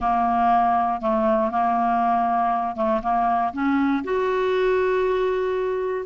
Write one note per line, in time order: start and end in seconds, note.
0.00 1.01 A#3
1.01 1.51 A3
1.51 2.75 A#3
2.75 3.01 A3
3.02 3.52 A#3
3.53 4.03 C#4
4.04 6.05 F#4